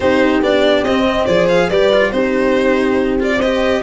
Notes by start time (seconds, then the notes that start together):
0.00 C4 D#4 G4 C5
0.41 B3 D4 D5
0.83 C4 D#5
1.08 D#5
1.25 F3 G#4 C5 D5
1.48 F5
1.69 G3 G4 B4 D5
1.92 F4
2.11 C4 D#4 G4 C5
3.19 F4 D5
3.37 G4 C5 D#5